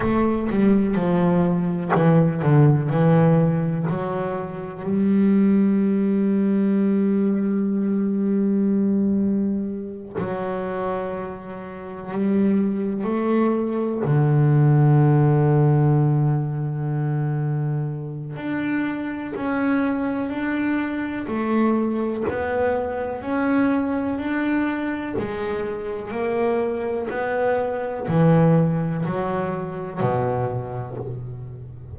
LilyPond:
\new Staff \with { instrumentName = "double bass" } { \time 4/4 \tempo 4 = 62 a8 g8 f4 e8 d8 e4 | fis4 g2.~ | g2~ g8 fis4.~ | fis8 g4 a4 d4.~ |
d2. d'4 | cis'4 d'4 a4 b4 | cis'4 d'4 gis4 ais4 | b4 e4 fis4 b,4 | }